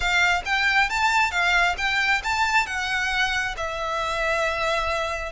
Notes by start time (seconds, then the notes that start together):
0.00 F5
0.45 G5
0.89 A5
1.31 F5
1.77 G5
2.23 A5
2.66 F#5
3.56 E5